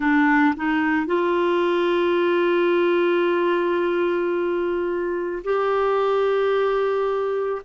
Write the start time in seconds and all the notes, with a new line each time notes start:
0.00 D4
0.56 D#4
1.06 F4
5.43 G4